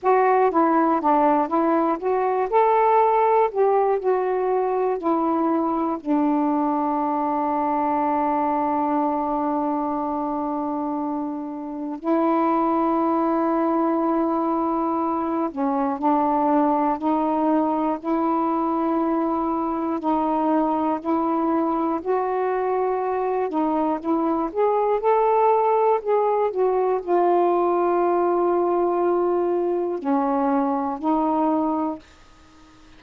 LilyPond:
\new Staff \with { instrumentName = "saxophone" } { \time 4/4 \tempo 4 = 60 fis'8 e'8 d'8 e'8 fis'8 a'4 g'8 | fis'4 e'4 d'2~ | d'1 | e'2.~ e'8 cis'8 |
d'4 dis'4 e'2 | dis'4 e'4 fis'4. dis'8 | e'8 gis'8 a'4 gis'8 fis'8 f'4~ | f'2 cis'4 dis'4 | }